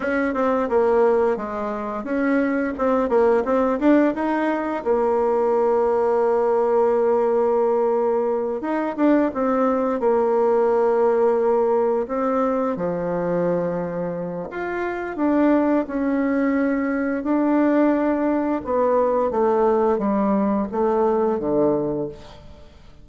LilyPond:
\new Staff \with { instrumentName = "bassoon" } { \time 4/4 \tempo 4 = 87 cis'8 c'8 ais4 gis4 cis'4 | c'8 ais8 c'8 d'8 dis'4 ais4~ | ais1~ | ais8 dis'8 d'8 c'4 ais4.~ |
ais4. c'4 f4.~ | f4 f'4 d'4 cis'4~ | cis'4 d'2 b4 | a4 g4 a4 d4 | }